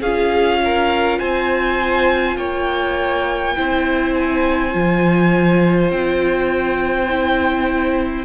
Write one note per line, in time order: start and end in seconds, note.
0.00 1.18 C#4
0.00 3.56 F4
0.00 0.59 G#4
0.00 1.19 F5
0.64 1.18 A#4
1.18 2.36 C4
1.18 2.36 C5
1.18 2.37 G#5
2.36 3.54 A#3
2.36 3.55 C#5
2.36 4.13 G5
3.55 4.74 C4
3.55 4.72 E4
3.55 8.25 C5
4.14 5.90 G#5
4.72 5.91 F3
4.72 7.07 F4
5.91 8.25 C4
5.91 8.25 G5
7.08 8.25 E4